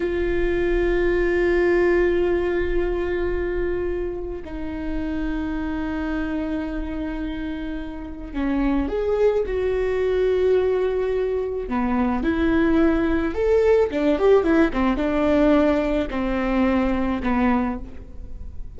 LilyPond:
\new Staff \with { instrumentName = "viola" } { \time 4/4 \tempo 4 = 108 f'1~ | f'1 | dis'1~ | dis'2. cis'4 |
gis'4 fis'2.~ | fis'4 b4 e'2 | a'4 d'8 g'8 e'8 c'8 d'4~ | d'4 c'2 b4 | }